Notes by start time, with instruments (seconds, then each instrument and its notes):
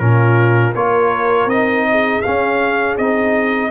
0.00 tuba A#2, trombone C#4, horn F4, trumpet A#4
0.76 tuba A#3, trombone F4, horn A#4, trumpet C#5
1.46 tuba C4, trombone D#4, trumpet D#5
1.91 horn G#4
2.22 trombone C#4, tuba C#4, trumpet F5
2.98 tuba C4, trombone D#4, trumpet D#5